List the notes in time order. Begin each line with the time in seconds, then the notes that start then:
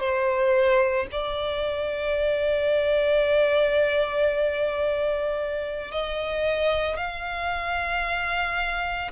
0.00 C5
1.12 D5
5.92 D#5
6.97 F5